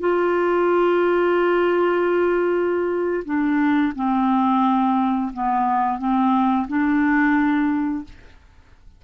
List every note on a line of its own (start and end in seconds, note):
0.00 3.24 F4
3.25 3.93 D4
3.96 5.32 C4
5.33 5.99 B3
5.99 6.67 C4
6.68 8.05 D4